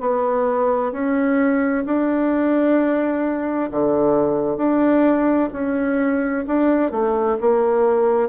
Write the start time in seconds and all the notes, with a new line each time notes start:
0.00 B3
0.92 C#4
1.85 D4
3.71 D3
4.57 D4
5.53 C#4
6.47 D4
6.91 A3
7.40 A#3